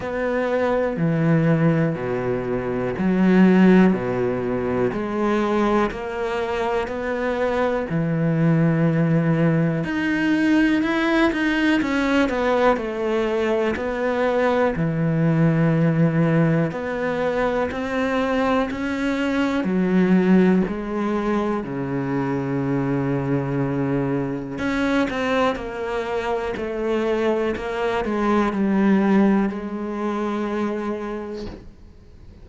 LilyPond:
\new Staff \with { instrumentName = "cello" } { \time 4/4 \tempo 4 = 61 b4 e4 b,4 fis4 | b,4 gis4 ais4 b4 | e2 dis'4 e'8 dis'8 | cis'8 b8 a4 b4 e4~ |
e4 b4 c'4 cis'4 | fis4 gis4 cis2~ | cis4 cis'8 c'8 ais4 a4 | ais8 gis8 g4 gis2 | }